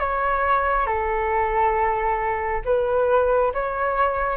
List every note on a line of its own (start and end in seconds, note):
0.00 0.87 C#5
0.87 2.62 A4
2.65 3.53 B4
3.54 4.37 C#5